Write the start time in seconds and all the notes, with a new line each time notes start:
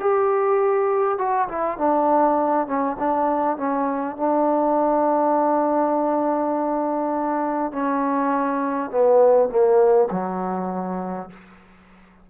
0.00 G4
1.19 F#4
1.49 E4
1.78 D4
2.67 C#4
2.99 D4
3.58 C#4
4.17 D4
7.72 C#4
8.91 B3
9.49 A#3
10.11 F#3